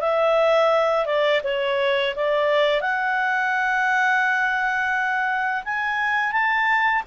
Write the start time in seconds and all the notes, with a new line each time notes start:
0.00 E5
1.06 D5
1.44 C#5
2.16 D5
2.81 F#5
5.64 G#5
6.32 A5